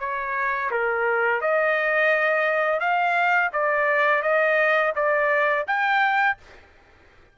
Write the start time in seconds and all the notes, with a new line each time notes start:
0.00 C#5
0.71 A#4
1.41 D#5
2.80 F5
3.53 D5
4.23 D#5
4.96 D5
5.68 G5